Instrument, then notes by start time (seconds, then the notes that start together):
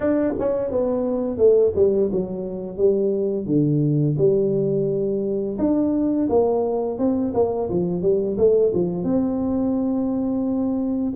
tuba
0.00 D4
0.39 C#4
0.70 B3
1.37 A3
1.75 G3
2.12 F#3
2.77 G3
3.46 D3
4.18 G3
5.58 D4
6.29 A#3
6.98 C4
7.34 A#3
7.69 F3
8.01 G3
8.37 A3
8.74 F3
9.03 C4